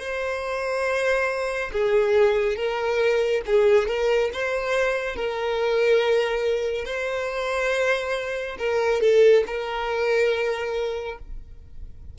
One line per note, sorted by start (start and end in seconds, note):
0.00 1.71 C5
1.73 2.56 G#4
2.56 3.42 A#4
3.46 3.88 G#4
3.88 4.31 A#4
4.34 5.15 C5
5.15 6.85 A#4
6.85 8.57 C5
8.59 9.01 A#4
9.01 9.44 A4
9.47 11.19 A#4